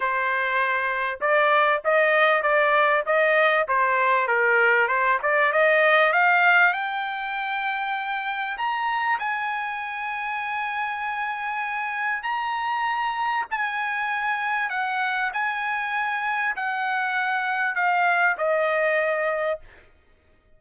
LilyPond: \new Staff \with { instrumentName = "trumpet" } { \time 4/4 \tempo 4 = 98 c''2 d''4 dis''4 | d''4 dis''4 c''4 ais'4 | c''8 d''8 dis''4 f''4 g''4~ | g''2 ais''4 gis''4~ |
gis''1 | ais''2 gis''2 | fis''4 gis''2 fis''4~ | fis''4 f''4 dis''2 | }